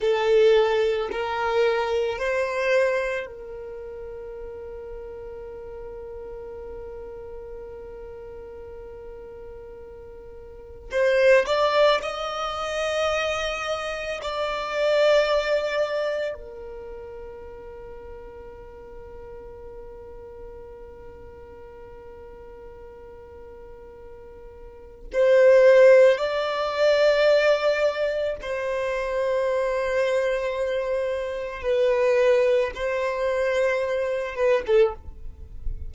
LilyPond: \new Staff \with { instrumentName = "violin" } { \time 4/4 \tempo 4 = 55 a'4 ais'4 c''4 ais'4~ | ais'1~ | ais'2 c''8 d''8 dis''4~ | dis''4 d''2 ais'4~ |
ais'1~ | ais'2. c''4 | d''2 c''2~ | c''4 b'4 c''4. b'16 a'16 | }